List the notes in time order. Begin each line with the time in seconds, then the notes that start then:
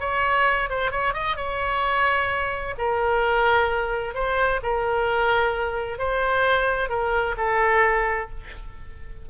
0.00 C#5
0.69 C5
0.91 C#5
1.13 D#5
1.36 C#5
2.78 A#4
4.14 C5
4.62 A#4
5.98 C5
6.89 A#4
7.37 A4